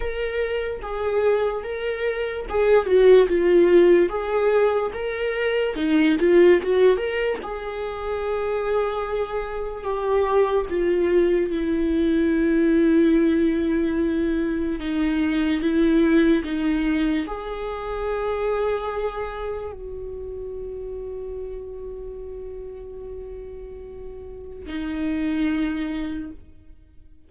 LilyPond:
\new Staff \with { instrumentName = "viola" } { \time 4/4 \tempo 4 = 73 ais'4 gis'4 ais'4 gis'8 fis'8 | f'4 gis'4 ais'4 dis'8 f'8 | fis'8 ais'8 gis'2. | g'4 f'4 e'2~ |
e'2 dis'4 e'4 | dis'4 gis'2. | fis'1~ | fis'2 dis'2 | }